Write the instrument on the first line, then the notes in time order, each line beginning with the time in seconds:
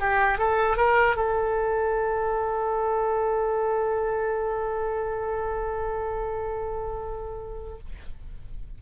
oboe
0.00 G4
0.38 A4
0.77 A#4
1.16 A4